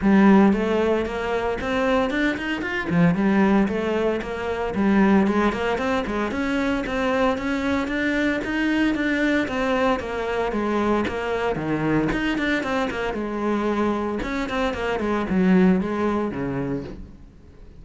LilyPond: \new Staff \with { instrumentName = "cello" } { \time 4/4 \tempo 4 = 114 g4 a4 ais4 c'4 | d'8 dis'8 f'8 f8 g4 a4 | ais4 g4 gis8 ais8 c'8 gis8 | cis'4 c'4 cis'4 d'4 |
dis'4 d'4 c'4 ais4 | gis4 ais4 dis4 dis'8 d'8 | c'8 ais8 gis2 cis'8 c'8 | ais8 gis8 fis4 gis4 cis4 | }